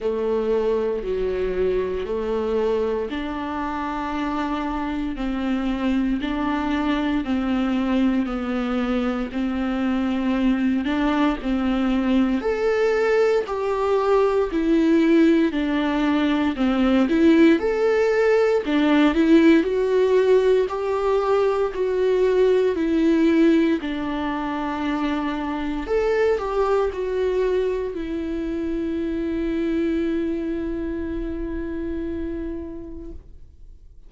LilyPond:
\new Staff \with { instrumentName = "viola" } { \time 4/4 \tempo 4 = 58 a4 fis4 a4 d'4~ | d'4 c'4 d'4 c'4 | b4 c'4. d'8 c'4 | a'4 g'4 e'4 d'4 |
c'8 e'8 a'4 d'8 e'8 fis'4 | g'4 fis'4 e'4 d'4~ | d'4 a'8 g'8 fis'4 e'4~ | e'1 | }